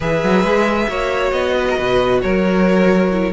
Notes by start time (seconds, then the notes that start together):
0.00 E3 G#4 B4 E5
0.23 F#3
0.43 G#3
0.88 A#3 F#4 C#5
1.31 B3 D#5
1.56 B4
1.70 A#4
1.77 B2 B4
2.21 F#3 A#4 C#5
3.11 E4